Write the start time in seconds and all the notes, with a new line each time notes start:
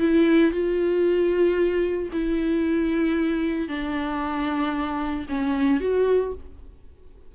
0.00 E4
0.52 F4
2.13 E4
3.69 D4
5.29 C#4
5.81 F#4